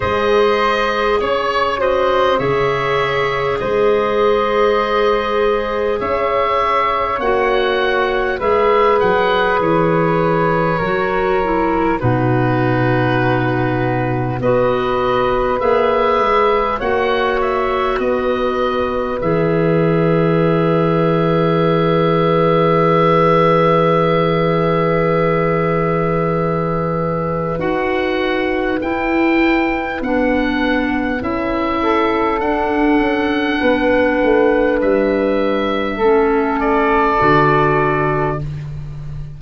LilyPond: <<
  \new Staff \with { instrumentName = "oboe" } { \time 4/4 \tempo 4 = 50 dis''4 cis''8 dis''8 e''4 dis''4~ | dis''4 e''4 fis''4 e''8 fis''8 | cis''2 b'2 | dis''4 e''4 fis''8 e''8 dis''4 |
e''1~ | e''2. fis''4 | g''4 fis''4 e''4 fis''4~ | fis''4 e''4. d''4. | }
  \new Staff \with { instrumentName = "flute" } { \time 4/4 c''4 cis''8 c''8 cis''4 c''4~ | c''4 cis''2 b'4~ | b'4 ais'4 fis'2 | b'2 cis''4 b'4~ |
b'1~ | b'1~ | b'2~ b'8 a'4. | b'2 a'2 | }
  \new Staff \with { instrumentName = "clarinet" } { \time 4/4 gis'4. fis'8 gis'2~ | gis'2 fis'4 gis'4~ | gis'4 fis'8 e'8 dis'2 | fis'4 gis'4 fis'2 |
gis'1~ | gis'2. fis'4 | e'4 d'4 e'4 d'4~ | d'2 cis'4 fis'4 | }
  \new Staff \with { instrumentName = "tuba" } { \time 4/4 gis4 cis'4 cis4 gis4~ | gis4 cis'4 ais4 gis8 fis8 | e4 fis4 b,2 | b4 ais8 gis8 ais4 b4 |
e1~ | e2. dis'4 | e'4 b4 cis'4 d'8 cis'8 | b8 a8 g4 a4 d4 | }
>>